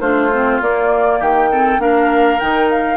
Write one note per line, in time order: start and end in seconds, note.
0.00 0.59 A3
0.00 0.31 D4
0.00 1.20 F4
0.00 0.61 C5
0.33 0.62 C4
0.62 1.21 A#3
0.62 1.51 A#3
0.62 1.22 D5
1.20 1.79 D#3
1.20 1.49 G4
1.20 1.81 G5
1.51 1.80 C4
1.51 1.81 A4
1.79 2.38 A#3
1.79 2.39 D4
1.79 2.97 A#4
1.79 2.39 F5
2.39 2.97 D#3
2.39 2.97 D#4
2.39 2.69 G5
2.70 2.97 F5